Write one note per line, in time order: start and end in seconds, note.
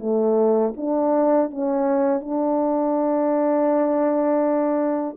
0.00 0.74 A3
0.77 1.51 D4
1.51 2.21 C#4
2.21 5.18 D4